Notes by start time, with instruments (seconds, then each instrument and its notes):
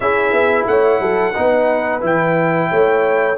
0.00 tuba C#4, trombone E4, horn G#4, trumpet E5
0.32 tuba B3
0.66 tuba A3, horn C#5, trumpet F#5
1.00 tuba F#3, horn A4
1.34 tuba B3, trombone D#4, horn B4
2.01 tuba E3, trombone E4, trumpet G5
2.70 tuba A3, horn C#5